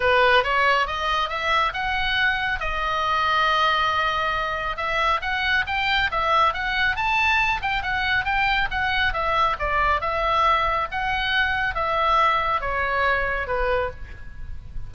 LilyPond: \new Staff \with { instrumentName = "oboe" } { \time 4/4 \tempo 4 = 138 b'4 cis''4 dis''4 e''4 | fis''2 dis''2~ | dis''2. e''4 | fis''4 g''4 e''4 fis''4 |
a''4. g''8 fis''4 g''4 | fis''4 e''4 d''4 e''4~ | e''4 fis''2 e''4~ | e''4 cis''2 b'4 | }